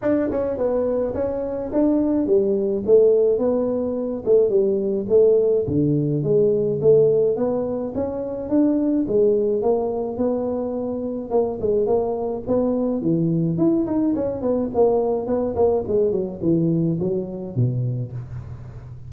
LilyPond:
\new Staff \with { instrumentName = "tuba" } { \time 4/4 \tempo 4 = 106 d'8 cis'8 b4 cis'4 d'4 | g4 a4 b4. a8 | g4 a4 d4 gis4 | a4 b4 cis'4 d'4 |
gis4 ais4 b2 | ais8 gis8 ais4 b4 e4 | e'8 dis'8 cis'8 b8 ais4 b8 ais8 | gis8 fis8 e4 fis4 b,4 | }